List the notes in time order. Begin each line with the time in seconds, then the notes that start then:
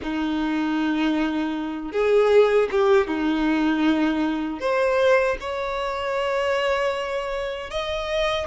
0.02 D#4
1.92 G#4
2.71 G4
3.07 D#4
4.60 C5
5.40 C#5
7.70 D#5